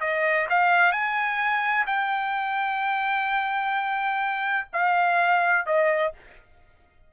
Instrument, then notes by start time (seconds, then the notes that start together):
trumpet
0.00 D#5
0.49 F5
0.92 G#5
1.86 G5
4.72 F5
5.65 D#5